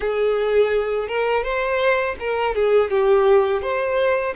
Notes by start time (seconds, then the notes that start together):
0.00 G#4
1.08 A#4
1.43 C5
2.19 A#4
2.55 G#4
2.90 G4
3.62 C5